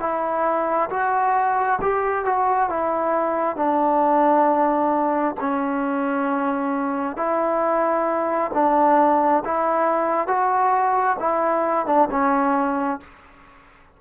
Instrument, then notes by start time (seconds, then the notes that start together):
trombone
0.00 E4
0.90 F#4
1.82 G4
2.25 F#4
2.69 E4
3.57 D4
5.41 C#4
7.17 E4
8.54 D4
9.45 E4
10.27 F#4
11.20 E4
11.87 D4
12.11 C#4